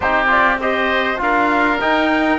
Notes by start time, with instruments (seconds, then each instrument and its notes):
0.00 cello C4, trombone D#4, oboe G4, trumpet C5
0.27 trombone F4, trumpet D5
0.60 trombone G4, oboe C5, trumpet D#5
1.17 cello D4, trombone F4, oboe A#4, trumpet F5
1.80 trombone D#4, cello D#4, trumpet G5